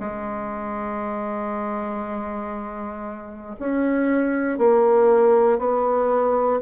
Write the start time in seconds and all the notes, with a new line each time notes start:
0.00 G#3
3.60 C#4
4.58 A#3
5.59 B3